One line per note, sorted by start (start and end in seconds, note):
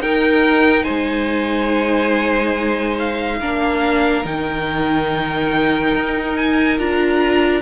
0.00 0.85 D#4
0.00 3.40 D#4
0.00 0.83 A#4
0.00 0.84 G5
0.83 3.40 G#3
0.83 3.36 C5
0.83 2.95 G#5
2.99 4.25 F5
3.40 4.24 A#3
3.40 4.23 D4
3.40 7.61 A#4
4.23 5.93 D#3
4.23 6.77 D#4
4.23 6.36 G5
5.94 6.79 D#4
6.36 6.78 G#5
6.78 7.61 D4
6.78 7.61 F4
6.78 7.61 A#5